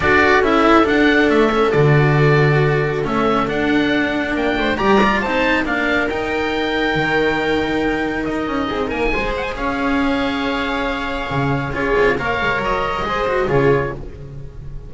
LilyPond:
<<
  \new Staff \with { instrumentName = "oboe" } { \time 4/4 \tempo 4 = 138 d''4 e''4 fis''4 e''4 | d''2. e''4 | fis''2 g''4 ais''4 | a''4 f''4 g''2~ |
g''2. dis''4~ | dis''8 gis''4 fis''16 gis''16 f''2~ | f''2. cis''4 | f''4 dis''2 cis''4 | }
  \new Staff \with { instrumentName = "viola" } { \time 4/4 a'1~ | a'1~ | a'2 ais'8 c''8 d''4 | c''4 ais'2.~ |
ais'1 | gis'8 ais'8 c''4 cis''2~ | cis''2. gis'4 | cis''2 c''4 gis'4 | }
  \new Staff \with { instrumentName = "cello" } { \time 4/4 fis'4 e'4 d'4. cis'8 | fis'2. cis'4 | d'2. g'8 f'8 | dis'4 d'4 dis'2~ |
dis'1~ | dis'4 gis'2.~ | gis'2. f'4 | ais'2 gis'8 fis'8 f'4 | }
  \new Staff \with { instrumentName = "double bass" } { \time 4/4 d'4 cis'4 d'4 a4 | d2. a4 | d'2 ais8 a8 g4 | c'4 ais4 dis'2 |
dis2. dis'8 cis'8 | c'8 ais8 gis4 cis'2~ | cis'2 cis4 cis'8 c'8 | ais8 gis8 fis4 gis4 cis4 | }
>>